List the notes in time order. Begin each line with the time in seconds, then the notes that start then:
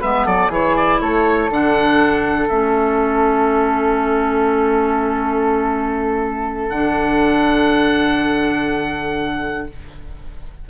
0.00 G#3 B3 B4 E5
0.25 F#3 A4 D5
0.49 E3 E4 G#4 C#5
0.76 D5
1.01 A3 A4 C#5
1.49 D3 D4 F#5
2.49 A3 C#4 E5
6.69 D3 D4 F#5